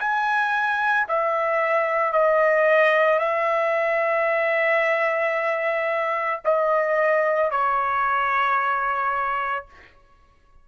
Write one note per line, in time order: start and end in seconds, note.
0.00 1.07 G#5
1.09 2.13 E5
2.13 3.19 D#5
3.19 6.41 E5
6.45 7.51 D#5
7.51 9.66 C#5